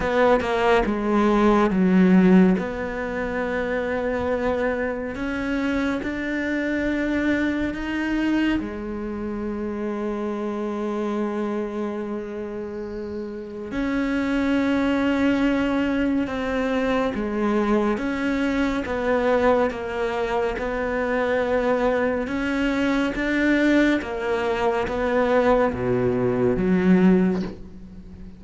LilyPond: \new Staff \with { instrumentName = "cello" } { \time 4/4 \tempo 4 = 70 b8 ais8 gis4 fis4 b4~ | b2 cis'4 d'4~ | d'4 dis'4 gis2~ | gis1 |
cis'2. c'4 | gis4 cis'4 b4 ais4 | b2 cis'4 d'4 | ais4 b4 b,4 fis4 | }